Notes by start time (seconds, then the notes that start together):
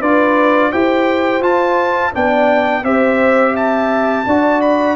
0.00 D4 F4 B4 D5
0.71 E4 G4 C5 G5
1.40 F4 A5
2.12 B3 D4 D5 G5
2.83 C4 G4 C5 E5
3.53 E5 A5
4.26 D4 F#4 D5
4.61 B5